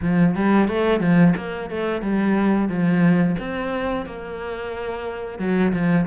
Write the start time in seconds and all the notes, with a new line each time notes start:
0.01 F3
0.35 G3
0.67 A3
1.00 F3
1.36 A#3
1.70 A3
2.01 G3
2.68 F3
3.39 C4
4.06 A#3
5.38 F#3
5.72 F3